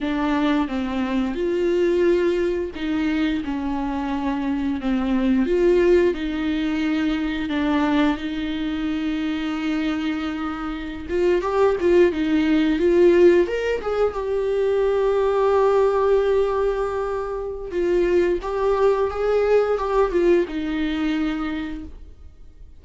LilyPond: \new Staff \with { instrumentName = "viola" } { \time 4/4 \tempo 4 = 88 d'4 c'4 f'2 | dis'4 cis'2 c'4 | f'4 dis'2 d'4 | dis'1~ |
dis'16 f'8 g'8 f'8 dis'4 f'4 ais'16~ | ais'16 gis'8 g'2.~ g'16~ | g'2 f'4 g'4 | gis'4 g'8 f'8 dis'2 | }